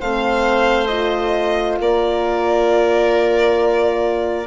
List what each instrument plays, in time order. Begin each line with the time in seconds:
0.00 bassoon A3, horn C4, oboe C5, violin F5
0.87 horn F4, violin D#5
1.80 bassoon A#3, oboe A#4, violin D5